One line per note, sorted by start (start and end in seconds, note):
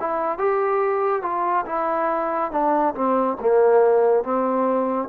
0.00 0.39 E4
0.39 1.22 G4
1.22 1.65 F4
1.66 2.51 E4
2.52 2.95 D4
2.95 3.37 C4
3.40 4.24 A#3
4.24 5.09 C4